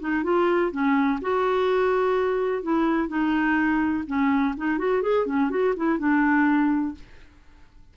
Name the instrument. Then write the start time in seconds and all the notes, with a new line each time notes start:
clarinet
0.00 D#4
0.24 F4
0.72 C#4
1.22 F#4
2.63 E4
3.09 D#4
4.07 C#4
4.57 D#4
4.78 F#4
5.02 G#4
5.26 C#4
5.50 F#4
5.76 E4
5.99 D4